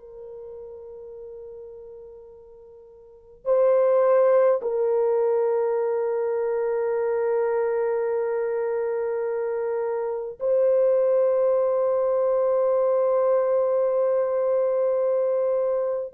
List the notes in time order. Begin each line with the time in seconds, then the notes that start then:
0.00 A#4
3.46 C5
4.62 A#4
10.40 C5